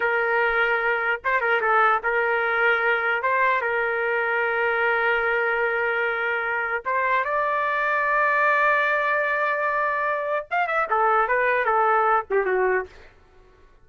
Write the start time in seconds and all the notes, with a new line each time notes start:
0.00 A#4
1.24 C5
1.40 A#4
1.61 A4
2.03 A#4
3.22 C5
3.61 A#4
6.85 C5
7.24 D5
10.51 F5
10.67 E5
10.90 A4
11.28 B4
11.65 A4
12.30 G4
12.45 F#4